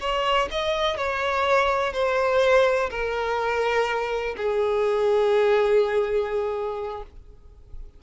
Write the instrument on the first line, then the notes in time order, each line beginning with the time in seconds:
violin
0.00 C#5
0.51 D#5
0.97 C#5
1.93 C5
2.90 A#4
4.37 G#4